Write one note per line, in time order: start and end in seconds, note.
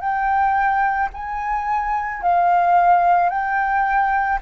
0.00 1.09 G5
1.13 2.22 G#5
2.22 3.29 F5
3.29 4.38 G5